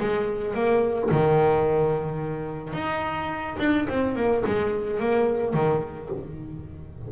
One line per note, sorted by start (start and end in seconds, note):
0.00 0.54 G#3
0.54 1.10 A#3
1.11 2.73 D#3
2.73 3.57 D#4
3.60 3.87 D4
3.89 4.16 C4
4.16 4.44 A#3
4.46 4.99 G#3
4.99 5.54 A#3
5.54 6.09 D#3